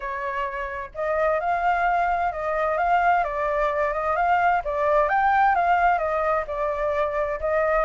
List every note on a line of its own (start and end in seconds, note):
0.00 0.90 C#5
0.94 1.40 D#5
1.40 2.32 F5
2.32 2.77 D#5
2.77 3.23 F5
3.24 3.93 D5
3.93 4.16 D#5
4.16 4.62 F5
4.64 5.09 D5
5.09 5.55 G5
5.55 5.98 F5
5.98 6.44 D#5
6.47 7.39 D5
7.40 7.85 D#5